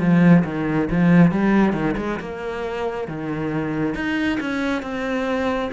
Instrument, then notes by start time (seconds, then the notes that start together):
cello
0.00 F3
0.45 D#3
0.91 F3
1.32 G3
1.73 D#3
1.98 G#3
2.20 A#3
3.08 D#3
3.95 D#4
4.41 C#4
4.82 C4